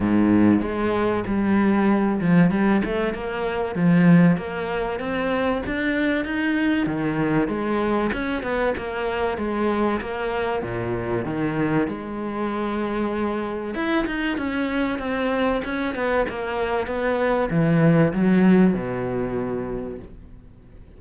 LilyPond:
\new Staff \with { instrumentName = "cello" } { \time 4/4 \tempo 4 = 96 gis,4 gis4 g4. f8 | g8 a8 ais4 f4 ais4 | c'4 d'4 dis'4 dis4 | gis4 cis'8 b8 ais4 gis4 |
ais4 ais,4 dis4 gis4~ | gis2 e'8 dis'8 cis'4 | c'4 cis'8 b8 ais4 b4 | e4 fis4 b,2 | }